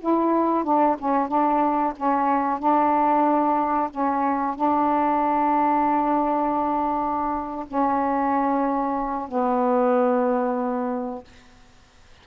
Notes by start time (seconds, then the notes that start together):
0.00 E4
0.64 D4
0.99 C#4
1.28 D4
1.96 C#4
2.59 D4
3.90 C#4
4.56 D4
7.67 C#4
9.28 B3